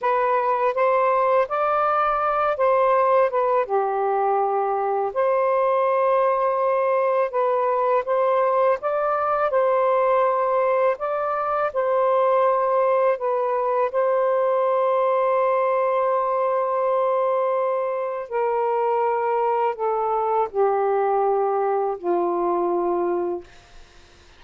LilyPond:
\new Staff \with { instrumentName = "saxophone" } { \time 4/4 \tempo 4 = 82 b'4 c''4 d''4. c''8~ | c''8 b'8 g'2 c''4~ | c''2 b'4 c''4 | d''4 c''2 d''4 |
c''2 b'4 c''4~ | c''1~ | c''4 ais'2 a'4 | g'2 f'2 | }